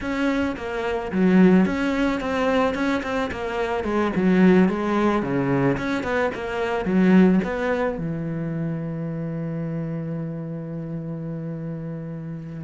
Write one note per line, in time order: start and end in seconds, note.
0.01 0.56 C#4
0.56 1.11 A#3
1.12 1.65 F#3
1.65 2.20 C#4
2.20 2.74 C4
2.74 3.02 C#4
3.03 3.30 C4
3.31 3.84 A#3
3.84 4.11 G#3
4.15 4.68 F#3
4.68 5.22 G#3
5.22 5.77 C#3
5.77 6.03 C#4
6.03 6.30 B3
6.34 6.85 A#3
6.85 7.40 F#3
7.44 7.98 B3
7.98 12.63 E3